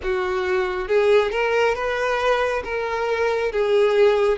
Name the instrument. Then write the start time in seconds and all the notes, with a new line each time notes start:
violin
0.02 F#4
0.87 G#4
1.31 A#4
1.74 B4
2.64 A#4
3.52 G#4